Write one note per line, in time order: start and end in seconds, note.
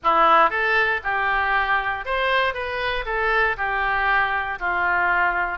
0.03 0.49 E4
0.49 1.00 A4
1.03 2.05 G4
2.05 2.54 C5
2.54 3.04 B4
3.05 3.56 A4
3.57 4.59 G4
4.59 5.58 F4